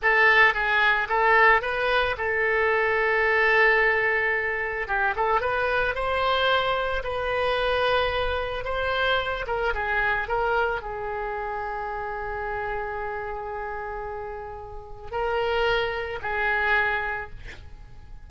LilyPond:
\new Staff \with { instrumentName = "oboe" } { \time 4/4 \tempo 4 = 111 a'4 gis'4 a'4 b'4 | a'1~ | a'4 g'8 a'8 b'4 c''4~ | c''4 b'2. |
c''4. ais'8 gis'4 ais'4 | gis'1~ | gis'1 | ais'2 gis'2 | }